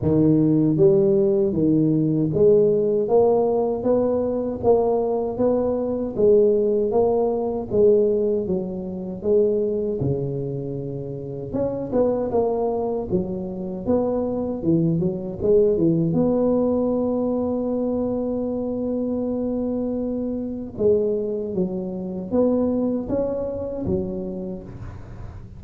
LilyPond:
\new Staff \with { instrumentName = "tuba" } { \time 4/4 \tempo 4 = 78 dis4 g4 dis4 gis4 | ais4 b4 ais4 b4 | gis4 ais4 gis4 fis4 | gis4 cis2 cis'8 b8 |
ais4 fis4 b4 e8 fis8 | gis8 e8 b2.~ | b2. gis4 | fis4 b4 cis'4 fis4 | }